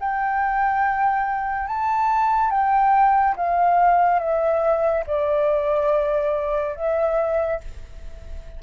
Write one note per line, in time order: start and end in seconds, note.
0.00 1.68 G5
1.68 2.50 A5
2.50 3.35 G5
3.36 4.19 F5
4.19 5.04 E5
5.07 6.76 D5
6.76 7.60 E5